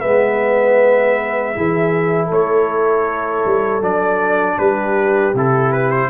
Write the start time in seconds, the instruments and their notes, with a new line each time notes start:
0.00 tuba G#3, trombone B3, horn B4, trumpet E5
1.54 tuba E3, trombone E4, horn G#4
2.26 tuba A3, horn A4, trumpet C#5
3.45 tuba G3
3.81 tuba F#3, trombone D4, trumpet D5
4.58 tuba G3, horn G4, trumpet B4
5.34 tuba C3, trombone E4, trumpet A4
5.72 trumpet B4
5.90 trumpet C5